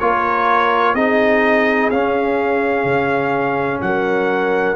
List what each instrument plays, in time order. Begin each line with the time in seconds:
0.00 tuba A#3, trombone F4, horn A#4, trumpet C#5
0.94 tuba C4, trombone D#4, horn G#4, trumpet D#5
1.91 tuba C#4, trombone C#4, trumpet F5
2.84 tuba C#3
3.81 tuba F#3, horn A#4, trumpet F#5